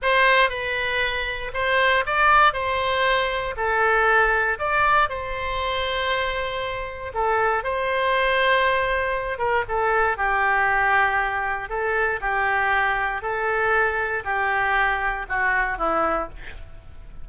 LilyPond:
\new Staff \with { instrumentName = "oboe" } { \time 4/4 \tempo 4 = 118 c''4 b'2 c''4 | d''4 c''2 a'4~ | a'4 d''4 c''2~ | c''2 a'4 c''4~ |
c''2~ c''8 ais'8 a'4 | g'2. a'4 | g'2 a'2 | g'2 fis'4 e'4 | }